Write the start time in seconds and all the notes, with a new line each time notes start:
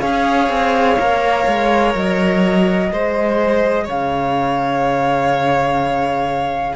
0.00 C#4 G#4 C#5 F5
0.49 C4
0.98 A#3 A#4
1.47 G#3
1.95 F#3 D#5
2.91 G#3 G#4 C5
3.84 C#3 C#5 F5